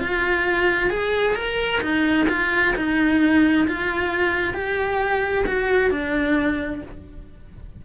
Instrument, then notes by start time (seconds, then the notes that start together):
cello
0.00 F4
0.90 G#4
1.36 A#4
1.82 D#4
2.29 F4
2.76 D#4
3.68 F4
4.54 G4
5.47 F#4
5.91 D4